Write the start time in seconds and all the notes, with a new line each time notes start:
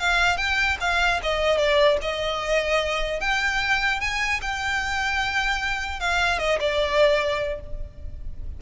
0.00 F5
0.38 G5
0.81 F5
1.23 D#5
1.58 D5
2.02 D#5
3.21 G5
4.01 G#5
4.42 G5
6.01 F5
6.39 D#5
6.61 D5